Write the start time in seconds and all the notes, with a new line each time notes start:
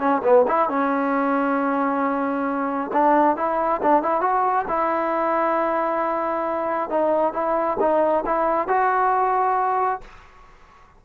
0.00 C#4
0.24 B3
0.48 E4
0.69 C#4
2.93 D4
3.37 E4
3.83 D4
4.03 E4
4.21 F#4
4.69 E4
6.90 D#4
7.33 E4
7.80 D#4
8.26 E4
8.68 F#4